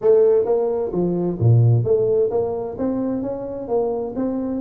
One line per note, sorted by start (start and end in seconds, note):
0.01 0.45 A3
0.45 0.91 A#3
0.92 1.38 F3
1.39 1.83 A#2
1.83 2.30 A3
2.30 2.76 A#3
2.78 3.22 C4
3.22 3.68 C#4
3.68 4.14 A#3
4.15 4.60 C4